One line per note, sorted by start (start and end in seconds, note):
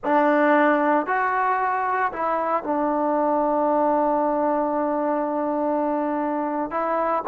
0.04 1.06 D4
1.06 2.11 F#4
2.12 2.63 E4
2.63 6.70 D4
6.70 7.23 E4